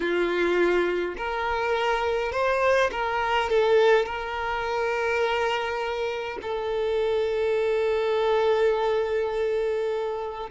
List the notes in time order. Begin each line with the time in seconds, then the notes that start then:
0.00 F4
1.17 A#4
2.32 C5
2.91 A#4
3.50 A4
4.05 A#4
6.42 A4